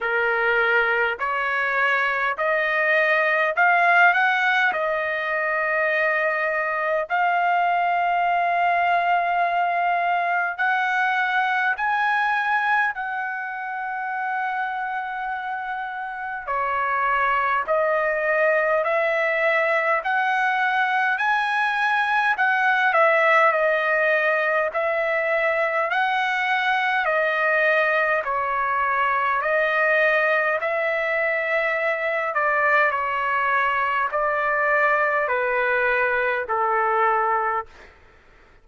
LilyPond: \new Staff \with { instrumentName = "trumpet" } { \time 4/4 \tempo 4 = 51 ais'4 cis''4 dis''4 f''8 fis''8 | dis''2 f''2~ | f''4 fis''4 gis''4 fis''4~ | fis''2 cis''4 dis''4 |
e''4 fis''4 gis''4 fis''8 e''8 | dis''4 e''4 fis''4 dis''4 | cis''4 dis''4 e''4. d''8 | cis''4 d''4 b'4 a'4 | }